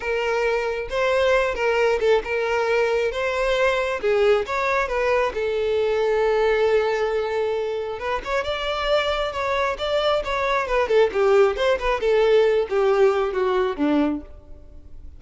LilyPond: \new Staff \with { instrumentName = "violin" } { \time 4/4 \tempo 4 = 135 ais'2 c''4. ais'8~ | ais'8 a'8 ais'2 c''4~ | c''4 gis'4 cis''4 b'4 | a'1~ |
a'2 b'8 cis''8 d''4~ | d''4 cis''4 d''4 cis''4 | b'8 a'8 g'4 c''8 b'8 a'4~ | a'8 g'4. fis'4 d'4 | }